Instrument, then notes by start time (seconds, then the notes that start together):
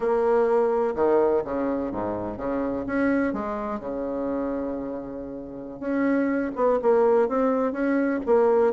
bassoon
0.00 A#3
0.95 D#3
1.44 C#3
1.91 G#2
2.37 C#3
2.86 C#4
3.33 G#3
3.79 C#3
5.79 C#4
6.55 B3
6.81 A#3
7.28 C4
7.72 C#4
8.26 A#3